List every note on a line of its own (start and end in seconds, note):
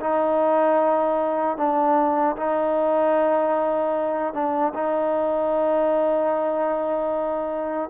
0.00 1.57 D#4
1.57 2.36 D4
2.36 4.33 D#4
4.33 4.73 D4
4.74 7.90 D#4